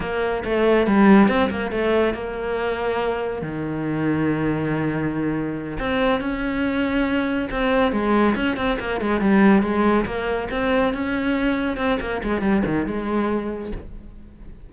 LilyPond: \new Staff \with { instrumentName = "cello" } { \time 4/4 \tempo 4 = 140 ais4 a4 g4 c'8 ais8 | a4 ais2. | dis1~ | dis4. c'4 cis'4.~ |
cis'4. c'4 gis4 cis'8 | c'8 ais8 gis8 g4 gis4 ais8~ | ais8 c'4 cis'2 c'8 | ais8 gis8 g8 dis8 gis2 | }